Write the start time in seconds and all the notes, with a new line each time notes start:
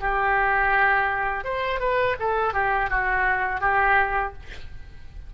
0.00 G4
1.44 C5
1.79 B4
2.19 A4
2.53 G4
2.89 F#4
3.60 G4